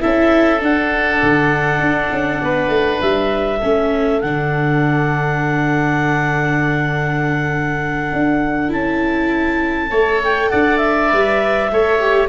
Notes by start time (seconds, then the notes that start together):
0.00 C#4 E4 A4 E5
0.59 D4 F#5
1.23 D3
1.80 D4
2.12 C#4
2.42 B3 B4
2.68 A3
3.01 G3 E5
3.59 A3 C#4 A4
4.21 D3 D4 F#5
8.13 D4
8.68 C#4 E4 A5
9.90 A3 A4 C#5
10.23 G5
10.50 D4 D5 F#5
10.77 E5
11.08 G3 B4
11.71 A3 A4 C#5
12.00 G4